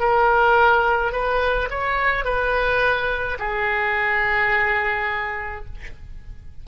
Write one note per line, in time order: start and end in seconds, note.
0.00 1.12 A#4
1.12 1.69 B4
1.70 2.25 C#5
2.25 3.38 B4
3.39 5.66 G#4